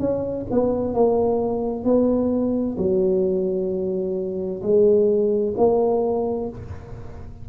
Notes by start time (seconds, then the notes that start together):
0.00 C#4
0.51 B3
0.94 A#3
1.85 B3
2.78 F#3
4.63 G#3
5.58 A#3